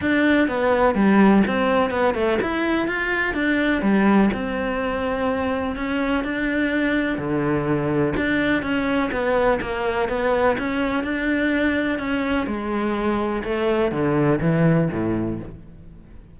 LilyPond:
\new Staff \with { instrumentName = "cello" } { \time 4/4 \tempo 4 = 125 d'4 b4 g4 c'4 | b8 a8 e'4 f'4 d'4 | g4 c'2. | cis'4 d'2 d4~ |
d4 d'4 cis'4 b4 | ais4 b4 cis'4 d'4~ | d'4 cis'4 gis2 | a4 d4 e4 a,4 | }